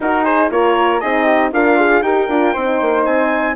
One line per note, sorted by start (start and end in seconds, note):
0.00 0.50 D#4
0.00 0.23 F#4
0.00 0.24 A#4
0.23 0.49 G#4
0.23 0.49 C5
0.50 1.01 A#3
0.50 1.01 F4
0.50 1.00 A#4
0.50 1.00 C#5
1.00 1.52 C4
1.00 1.53 D#4
1.00 1.24 G#4
1.00 1.51 D#5
1.24 1.49 G4
1.52 2.02 D4
1.52 2.03 F4
1.52 1.78 A#4
1.52 2.02 F5
1.78 2.02 G#4
2.02 2.27 D#4
2.02 2.28 G4
2.02 2.53 A#4
2.02 3.03 G5
2.28 2.53 D4
2.28 2.55 F4
2.53 2.81 C4
2.53 3.56 D#4
2.53 3.54 C5
2.81 3.06 A#3
3.05 3.56 C4
3.05 3.55 G#5